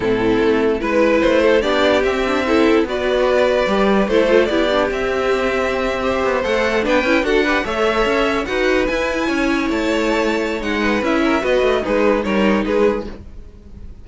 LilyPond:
<<
  \new Staff \with { instrumentName = "violin" } { \time 4/4 \tempo 4 = 147 a'2 b'4 c''4 | d''4 e''2 d''4~ | d''2 c''4 d''4 | e''2.~ e''8. fis''16~ |
fis''8. g''4 fis''4 e''4~ e''16~ | e''8. fis''4 gis''2 a''16~ | a''2 fis''4 e''4 | dis''4 b'4 cis''4 b'4 | }
  \new Staff \with { instrumentName = "violin" } { \time 4/4 e'2 b'4. a'8 | g'2 a'4 b'4~ | b'2 a'4 g'4~ | g'2~ g'8. c''4~ c''16~ |
c''8. b'4 a'8 b'8 cis''4~ cis''16~ | cis''8. b'2 cis''4~ cis''16~ | cis''2~ cis''8 b'4 ais'8 | b'4 dis'4 ais'4 gis'4 | }
  \new Staff \with { instrumentName = "viola" } { \time 4/4 c'2 e'2 | d'4 c'8 d'8 e'4 fis'4~ | fis'4 g'4 e'8 f'8 e'8 d'8 | c'2~ c'8. g'4 a'16~ |
a'8. d'8 e'8 fis'8 g'8 a'4~ a'16~ | a'8. fis'4 e'2~ e'16~ | e'2 dis'4 e'4 | fis'4 gis'4 dis'2 | }
  \new Staff \with { instrumentName = "cello" } { \time 4/4 a,4 a4 gis4 a4 | b4 c'2 b4~ | b4 g4 a4 b4 | c'2.~ c'16 b8 a16~ |
a8. b8 cis'8 d'4 a4 cis'16~ | cis'8. dis'4 e'4 cis'4 a16~ | a2 gis4 cis'4 | b8 a8 gis4 g4 gis4 | }
>>